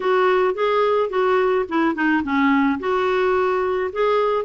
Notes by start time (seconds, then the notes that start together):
0.00 F#4
0.54 G#4
1.09 F#4
1.68 E4
1.95 D#4
2.23 C#4
2.79 F#4
3.92 G#4